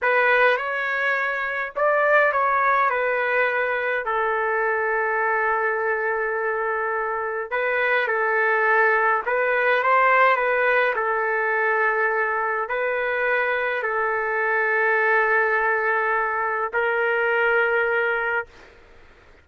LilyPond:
\new Staff \with { instrumentName = "trumpet" } { \time 4/4 \tempo 4 = 104 b'4 cis''2 d''4 | cis''4 b'2 a'4~ | a'1~ | a'4 b'4 a'2 |
b'4 c''4 b'4 a'4~ | a'2 b'2 | a'1~ | a'4 ais'2. | }